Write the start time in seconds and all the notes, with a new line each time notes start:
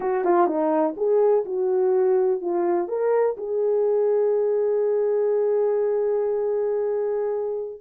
0.00 F#4
0.24 F4
0.46 D#4
0.96 G#4
1.45 F#4
2.41 F4
2.88 A#4
3.37 G#4